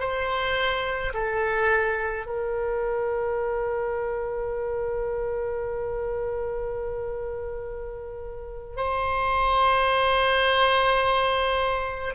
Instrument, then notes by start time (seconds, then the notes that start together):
oboe
0.00 C5
1.14 A4
2.26 A#4
8.76 C5